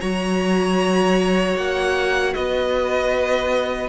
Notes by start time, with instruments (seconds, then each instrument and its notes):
0.00 cello F#3, viola F#4, violin C#5 A#5
1.56 cello A#3, violin F#5
2.34 cello B3, violin B4 D#5